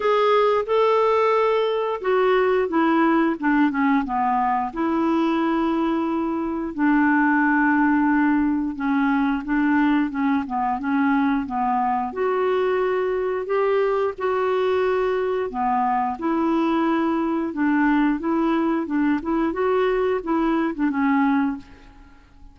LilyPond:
\new Staff \with { instrumentName = "clarinet" } { \time 4/4 \tempo 4 = 89 gis'4 a'2 fis'4 | e'4 d'8 cis'8 b4 e'4~ | e'2 d'2~ | d'4 cis'4 d'4 cis'8 b8 |
cis'4 b4 fis'2 | g'4 fis'2 b4 | e'2 d'4 e'4 | d'8 e'8 fis'4 e'8. d'16 cis'4 | }